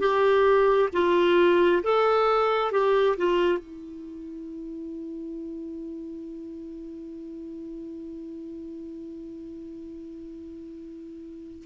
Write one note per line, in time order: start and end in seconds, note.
0.00 0.90 G4
0.93 1.83 F4
1.84 2.72 A4
2.72 3.17 G4
3.18 3.59 F4
3.59 11.65 E4